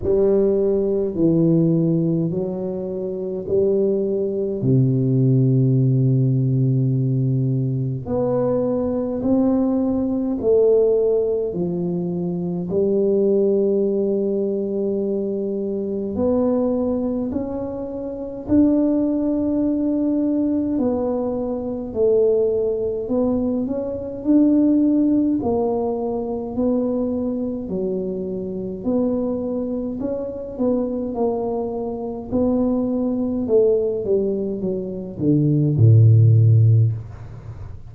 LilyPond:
\new Staff \with { instrumentName = "tuba" } { \time 4/4 \tempo 4 = 52 g4 e4 fis4 g4 | c2. b4 | c'4 a4 f4 g4~ | g2 b4 cis'4 |
d'2 b4 a4 | b8 cis'8 d'4 ais4 b4 | fis4 b4 cis'8 b8 ais4 | b4 a8 g8 fis8 d8 a,4 | }